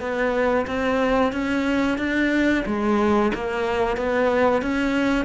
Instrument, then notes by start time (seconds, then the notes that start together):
cello
0.00 B3
0.67 C4
1.32 C#4
1.98 D4
2.66 G#3
3.34 A#3
3.97 B3
4.62 C#4